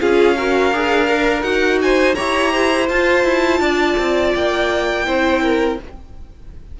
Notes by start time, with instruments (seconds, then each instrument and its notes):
0.00 cello C#4, viola F4, violin G#4 F5
0.36 viola F#4, violin A#4
0.72 cello D4, viola G#4
1.09 viola A#4
1.42 cello D#4, viola F#4, violin F#5
1.82 violin C5 G#5
2.14 cello E4, viola G4, violin C#5 A#5
2.52 violin C5
2.89 cello F4, viola F4, violin A5
3.24 cello E4
3.60 cello D4, violin D5
3.97 cello C4
4.34 cello A#3, violin G5
5.06 cello C4, viola E4, violin C5
5.43 violin A#4